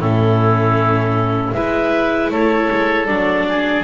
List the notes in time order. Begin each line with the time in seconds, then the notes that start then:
0.00 A2 C#4 E4 A4
1.53 G#3 E4 B4 E5
2.31 A3 A4 C#5
2.71 G#3
3.06 F#3 D4 D5
3.49 G#4